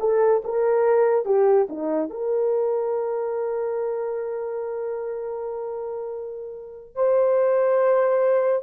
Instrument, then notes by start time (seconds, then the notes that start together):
horn
0.00 A4
0.44 A#4
1.25 G4
1.69 D#4
2.10 A#4
6.95 C5